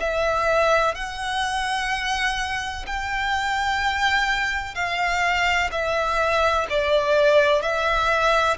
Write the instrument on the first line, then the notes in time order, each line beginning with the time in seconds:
violin
0.00 E5
0.95 F#5
2.86 G5
4.74 F5
5.71 E5
6.69 D5
7.61 E5